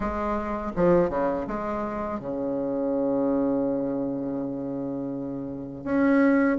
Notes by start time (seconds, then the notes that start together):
0.00 G#3
0.76 F3
1.09 C#3
1.47 G#3
2.19 C#3
5.84 C#4